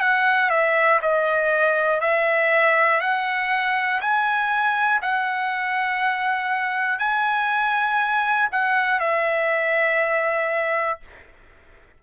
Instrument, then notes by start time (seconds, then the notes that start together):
trumpet
0.00 F#5
0.50 E5
1.02 D#5
2.00 E5
3.00 F#5
4.01 G#5
5.02 F#5
6.99 G#5
8.52 F#5
9.00 E5